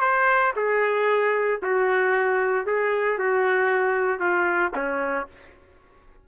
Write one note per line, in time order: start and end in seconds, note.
0.00 0.52 C5
0.55 1.60 G#4
1.62 2.66 F#4
2.66 3.18 G#4
3.18 4.19 F#4
4.19 4.71 F4
4.75 5.27 C#4